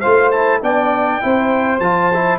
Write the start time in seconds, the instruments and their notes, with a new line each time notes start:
0.00 tuba A3, trombone F4, saxophone C5, trumpet F5
0.31 trombone E4, trumpet A5
0.62 tuba B3, trombone D4, saxophone D5, trumpet G5
1.21 tuba C4, trombone E4, saxophone C5
1.80 tuba F3, trombone F4, trumpet A5
2.14 trombone E4